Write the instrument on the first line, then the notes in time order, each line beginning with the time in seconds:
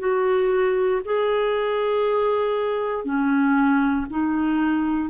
clarinet
0.00 F#4
1.05 G#4
3.05 C#4
4.10 D#4